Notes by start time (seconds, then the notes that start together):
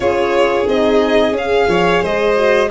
0.00 C#4 F4 G#4 C#5
0.67 C4 D#4 D#5
1.31 C#4 G#4
1.37 F5
1.68 F3 C#5
2.02 G#3 C5 D#5
2.36 F#4